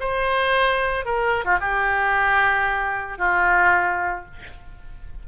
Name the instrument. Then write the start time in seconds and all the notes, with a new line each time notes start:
oboe
0.00 C5
1.05 A#4
1.45 F4
1.61 G4
3.18 F4